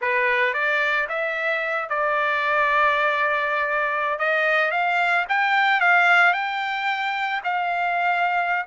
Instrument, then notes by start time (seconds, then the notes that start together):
trumpet
0.01 B4
0.53 D5
1.08 E5
1.89 D5
4.18 D#5
4.71 F5
5.28 G5
5.80 F5
6.33 G5
7.44 F5